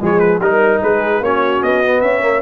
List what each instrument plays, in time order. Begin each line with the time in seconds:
0.00 tuba F3, trombone G#3, horn G#4, trumpet C#5
0.19 trumpet B4
0.39 tuba G3, trombone D#4, trumpet A#4, horn A#4
0.82 tuba G#3, horn G#4, trumpet B4
1.20 tuba A#3, trombone C#4, horn F#4, trumpet C#5
1.63 tuba B3, trumpet D#5
1.84 trombone B3
2.01 tuba C#4, horn C#5, trumpet E5
2.22 trombone A#3